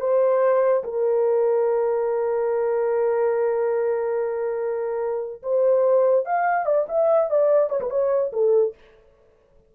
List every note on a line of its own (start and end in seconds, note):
0.00 0.83 C5
0.84 5.42 A#4
5.43 6.25 C5
6.25 6.66 F5
6.66 6.87 D5
6.89 7.30 E5
7.30 7.70 D5
7.70 7.80 C#5
7.80 7.90 B4
7.90 8.32 C#5
8.33 8.74 A4